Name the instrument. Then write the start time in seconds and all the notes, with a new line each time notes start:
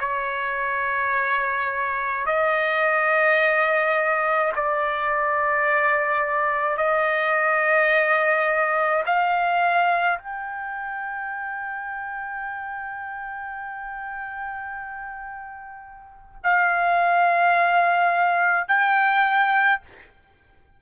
trumpet
0.00 C#5
2.26 D#5
4.55 D5
6.77 D#5
9.06 F5
10.19 G5
16.44 F5
18.68 G5